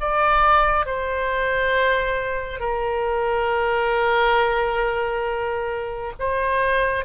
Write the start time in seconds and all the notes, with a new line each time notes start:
0.00 D5
0.86 C5
2.59 A#4
6.20 C5